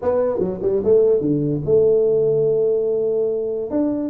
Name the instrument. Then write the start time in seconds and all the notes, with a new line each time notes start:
tuba
0.01 B3
0.39 F#3
0.62 G3
0.83 A3
1.20 D3
1.65 A3
3.70 D4